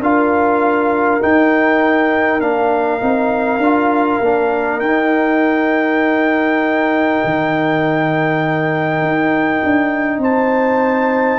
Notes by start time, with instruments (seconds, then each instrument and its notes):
0.00 tuba D4, trombone F4, horn A#4, trumpet F5
1.22 trombone D#4, tuba D#4, trumpet G5
2.41 tuba A#3, trombone D4, trumpet F5
3.00 tuba C4, trombone D#4
3.58 tuba D4, trombone F4
4.21 tuba A#3, trombone D4
4.80 tuba D#4, trombone D#4, trumpet G5
7.25 tuba D#3
9.02 tuba D#4
9.64 tuba D4
10.18 tuba C4, horn C5, trumpet A5